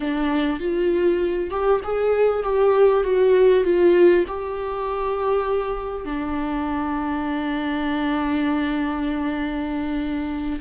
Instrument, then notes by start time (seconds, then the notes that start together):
viola
0.00 D4
0.59 F4
1.50 G4
1.84 G#4
2.43 G4
3.03 F#4
3.64 F4
4.27 G4
6.05 D4